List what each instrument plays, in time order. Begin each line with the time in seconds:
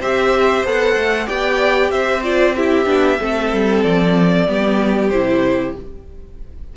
0.00 cello C4, viola G4, violin C5 E5
0.64 cello B3, viola A4, violin F#5
0.96 cello A3
1.26 cello B3, viola G4, violin D5 G5
1.91 cello C4, violin C5 E5
2.23 viola F4, violin D5
2.56 viola E4, violin G4 E5
2.85 cello B3, viola D4
3.20 cello A3, viola C4, violin A4
3.53 cello G3
3.83 cello F3, violin D5
4.47 cello G3, viola B3, violin G4
5.10 cello C3, viola E4, violin C5